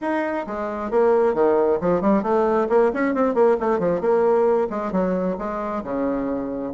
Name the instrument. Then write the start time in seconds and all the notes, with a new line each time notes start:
bassoon
0.01 D#4
0.47 G#3
0.91 A#3
1.34 D#3
1.81 F3
2.01 G3
2.22 A3
2.69 A#3
2.93 C#4
3.14 C4
3.34 A#3
3.60 A3
3.79 F3
4.00 A#3
4.70 G#3
4.92 F#3
5.38 G#3
5.83 C#3